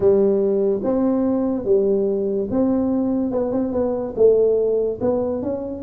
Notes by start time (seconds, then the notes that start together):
0.00 G3
0.83 C4
1.64 G3
2.50 C4
3.31 B3
3.52 C4
3.72 B3
4.16 A3
5.00 B3
5.42 C#4